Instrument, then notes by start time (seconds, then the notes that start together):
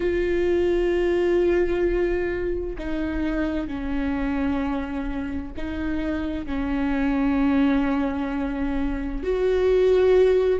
viola
0.00 F4
2.78 D#4
3.67 C#4
5.56 D#4
6.46 C#4
9.23 F#4